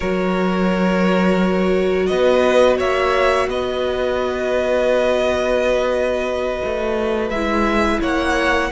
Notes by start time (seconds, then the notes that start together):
0.00 F#3 F#4 A#4 C#5
2.06 B3 B4 D#5
2.78 A#3 C#5 E5
3.47 B3 B4 D#5
6.64 A3
7.29 G#3 E4 E5
8.01 A#3 C#5 F#5